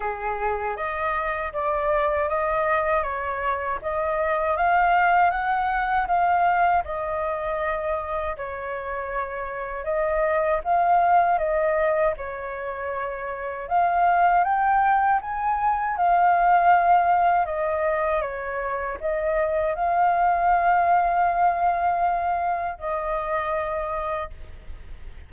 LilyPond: \new Staff \with { instrumentName = "flute" } { \time 4/4 \tempo 4 = 79 gis'4 dis''4 d''4 dis''4 | cis''4 dis''4 f''4 fis''4 | f''4 dis''2 cis''4~ | cis''4 dis''4 f''4 dis''4 |
cis''2 f''4 g''4 | gis''4 f''2 dis''4 | cis''4 dis''4 f''2~ | f''2 dis''2 | }